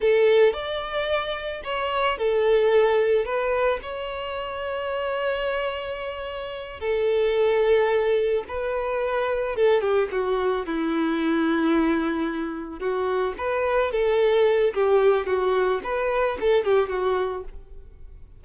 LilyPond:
\new Staff \with { instrumentName = "violin" } { \time 4/4 \tempo 4 = 110 a'4 d''2 cis''4 | a'2 b'4 cis''4~ | cis''1~ | cis''8 a'2. b'8~ |
b'4. a'8 g'8 fis'4 e'8~ | e'2.~ e'8 fis'8~ | fis'8 b'4 a'4. g'4 | fis'4 b'4 a'8 g'8 fis'4 | }